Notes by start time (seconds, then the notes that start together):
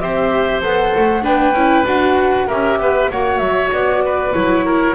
0.00 C4 G4 C5 E5
0.62 B3 A4 F#5
0.97 A3
1.23 B3 D4 B4 G5
1.53 C#4 E4
1.86 D4 F#4 F#5
2.47 C#4 G4 A#4 E5
2.79 B3 B4
3.11 A#3 F#4 C#5 F#5
3.38 F#3 E5
3.72 B3 D5
4.05 B4
4.33 F#3 E4 C#5
4.65 A#4